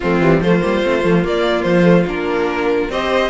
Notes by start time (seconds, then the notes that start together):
0.00 F3 A3 C4 F4
0.20 E3 G3
0.40 F3 A3 F4 C5
0.61 G3 A#3
0.83 A3 C4
1.02 F3 A3
1.22 A#3 D5
1.62 F3 C5
1.83 A3
2.06 A#3 D4 A#4
2.89 C4 G4 C5 D#5